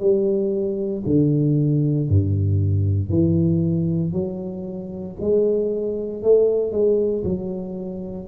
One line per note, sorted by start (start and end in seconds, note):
0.00 1.03 G3
1.06 2.10 D3
2.10 3.10 G2
3.10 4.13 E3
4.13 5.17 F#3
5.21 6.23 G#3
6.23 6.72 A3
6.72 7.24 G#3
7.24 8.28 F#3